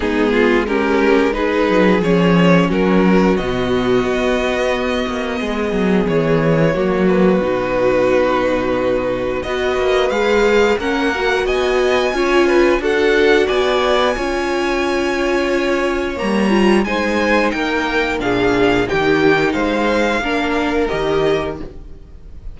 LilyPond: <<
  \new Staff \with { instrumentName = "violin" } { \time 4/4 \tempo 4 = 89 gis'4 ais'4 b'4 cis''4 | ais'4 dis''2.~ | dis''4 cis''4. b'4.~ | b'2 dis''4 f''4 |
fis''4 gis''2 fis''4 | gis''1 | ais''4 gis''4 g''4 f''4 | g''4 f''2 dis''4 | }
  \new Staff \with { instrumentName = "violin" } { \time 4/4 dis'8 f'8 g'4 gis'2 | fis'1 | gis'2 fis'2~ | fis'2 b'2 |
ais'4 dis''4 cis''8 b'8 a'4 | d''4 cis''2.~ | cis''4 c''4 ais'4 gis'4 | g'4 c''4 ais'2 | }
  \new Staff \with { instrumentName = "viola" } { \time 4/4 b4 cis'4 dis'4 cis'4~ | cis'4 b2.~ | b2 ais4 dis'4~ | dis'2 fis'4 gis'4 |
cis'8 fis'4. f'4 fis'4~ | fis'4 f'2. | ais8 f'8 dis'2 d'4 | dis'2 d'4 g'4 | }
  \new Staff \with { instrumentName = "cello" } { \time 4/4 gis2~ gis8 fis8 f4 | fis4 b,4 b4. ais8 | gis8 fis8 e4 fis4 b,4~ | b,2 b8 ais8 gis4 |
ais4 b4 cis'4 d'4 | b4 cis'2. | g4 gis4 ais4 ais,4 | dis4 gis4 ais4 dis4 | }
>>